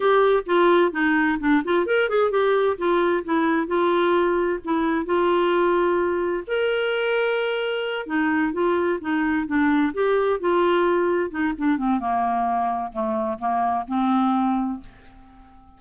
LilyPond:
\new Staff \with { instrumentName = "clarinet" } { \time 4/4 \tempo 4 = 130 g'4 f'4 dis'4 d'8 f'8 | ais'8 gis'8 g'4 f'4 e'4 | f'2 e'4 f'4~ | f'2 ais'2~ |
ais'4. dis'4 f'4 dis'8~ | dis'8 d'4 g'4 f'4.~ | f'8 dis'8 d'8 c'8 ais2 | a4 ais4 c'2 | }